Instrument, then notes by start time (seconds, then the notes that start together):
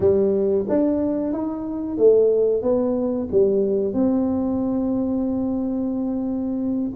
tuba
0.00 G3
0.68 D4
1.32 D#4
1.97 A3
2.62 B3
3.31 G3
3.93 C4